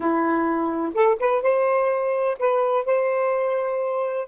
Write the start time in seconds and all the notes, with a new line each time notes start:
0.00 E4
0.94 A4
1.19 B4
1.42 C5
2.39 B4
2.85 C5